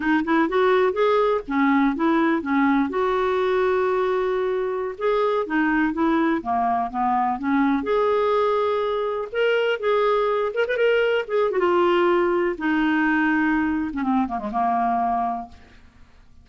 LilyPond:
\new Staff \with { instrumentName = "clarinet" } { \time 4/4 \tempo 4 = 124 dis'8 e'8 fis'4 gis'4 cis'4 | e'4 cis'4 fis'2~ | fis'2~ fis'16 gis'4 dis'8.~ | dis'16 e'4 ais4 b4 cis'8.~ |
cis'16 gis'2. ais'8.~ | ais'16 gis'4. ais'16 b'16 ais'4 gis'8 fis'16 | f'2 dis'2~ | dis'8. cis'16 c'8 ais16 gis16 ais2 | }